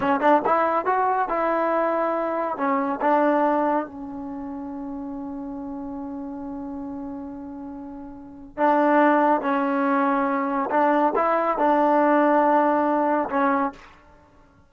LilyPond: \new Staff \with { instrumentName = "trombone" } { \time 4/4 \tempo 4 = 140 cis'8 d'8 e'4 fis'4 e'4~ | e'2 cis'4 d'4~ | d'4 cis'2.~ | cis'1~ |
cis'1 | d'2 cis'2~ | cis'4 d'4 e'4 d'4~ | d'2. cis'4 | }